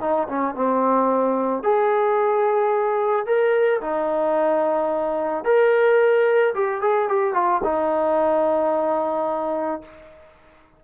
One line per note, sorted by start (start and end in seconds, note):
0.00 0.27 D#4
0.28 0.55 C#4
0.55 1.63 C4
1.63 3.26 G#4
3.26 3.80 A#4
3.81 5.44 D#4
5.44 6.53 A#4
6.54 6.81 G4
6.81 7.08 G#4
7.08 7.33 G4
7.33 7.61 F4
7.63 9.82 D#4